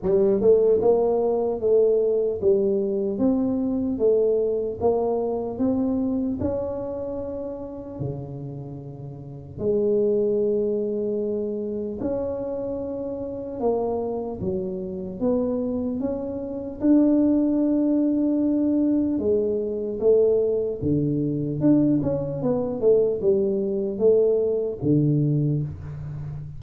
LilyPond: \new Staff \with { instrumentName = "tuba" } { \time 4/4 \tempo 4 = 75 g8 a8 ais4 a4 g4 | c'4 a4 ais4 c'4 | cis'2 cis2 | gis2. cis'4~ |
cis'4 ais4 fis4 b4 | cis'4 d'2. | gis4 a4 d4 d'8 cis'8 | b8 a8 g4 a4 d4 | }